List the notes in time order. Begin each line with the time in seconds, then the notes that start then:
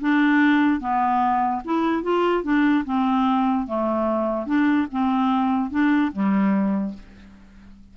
0.00 D4
0.80 B3
1.64 E4
2.03 F4
2.43 D4
2.85 C4
3.67 A3
4.46 D4
4.91 C4
5.70 D4
6.12 G3